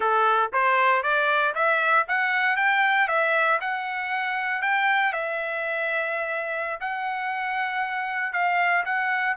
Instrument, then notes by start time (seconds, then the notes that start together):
trumpet
0.00 A4
0.52 C5
1.02 D5
1.54 E5
2.08 F#5
2.56 G5
3.08 E5
3.60 F#5
4.62 G5
5.12 E5
6.80 F#5
8.32 F5
8.85 F#5